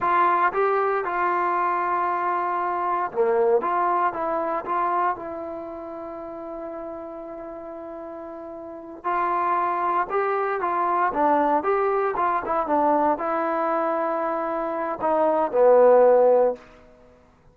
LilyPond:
\new Staff \with { instrumentName = "trombone" } { \time 4/4 \tempo 4 = 116 f'4 g'4 f'2~ | f'2 ais4 f'4 | e'4 f'4 e'2~ | e'1~ |
e'4. f'2 g'8~ | g'8 f'4 d'4 g'4 f'8 | e'8 d'4 e'2~ e'8~ | e'4 dis'4 b2 | }